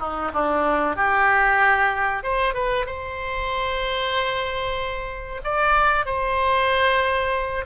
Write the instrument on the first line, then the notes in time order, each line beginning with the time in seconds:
oboe
0.00 D#4
0.34 D4
0.96 G4
2.24 C5
2.54 B4
2.86 C5
5.44 D5
6.06 C5